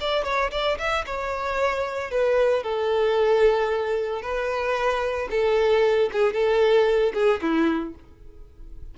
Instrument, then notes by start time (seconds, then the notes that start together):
violin
0.00 D5
0.24 C#5
0.51 D5
0.78 E5
1.06 C#5
2.11 B4
2.63 A4
4.22 B4
5.30 A4
6.12 G#4
6.33 A4
7.13 G#4
7.41 E4